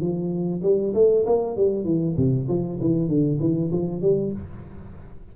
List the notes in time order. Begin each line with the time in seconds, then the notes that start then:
0.00 F3
0.62 G3
0.94 A3
1.26 A#3
1.56 G3
1.84 E3
2.16 C3
2.48 F3
2.80 E3
3.08 D3
3.40 E3
3.72 F3
4.01 G3